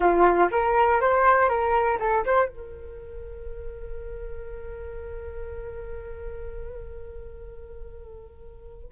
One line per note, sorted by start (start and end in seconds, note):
0.00 0.49 F4
0.51 1.01 A#4
1.01 1.49 C5
1.49 1.98 A#4
1.99 2.24 A4
2.25 2.48 C5
2.48 8.92 A#4